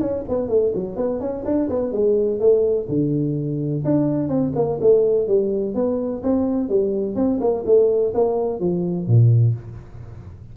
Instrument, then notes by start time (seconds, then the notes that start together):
tuba
0.00 C#4
0.28 B3
0.48 A3
0.74 F#3
0.96 B3
1.20 C#4
1.45 D4
1.69 B3
1.92 G#3
2.39 A3
2.88 D3
3.85 D4
4.28 C4
4.55 A#3
4.81 A3
5.27 G3
5.74 B3
6.23 C4
6.69 G3
7.15 C4
7.40 A#3
7.66 A3
8.14 A#3
8.60 F3
9.07 A#2